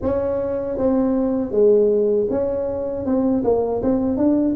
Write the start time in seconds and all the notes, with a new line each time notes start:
0.01 C#4
0.77 C4
1.51 G#3
2.30 C#4
3.05 C4
3.44 A#3
3.82 C4
4.17 D4